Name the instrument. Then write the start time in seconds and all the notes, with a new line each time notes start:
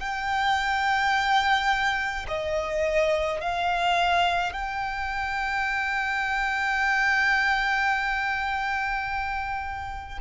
violin
0.00 G5
2.28 D#5
3.41 F5
4.53 G5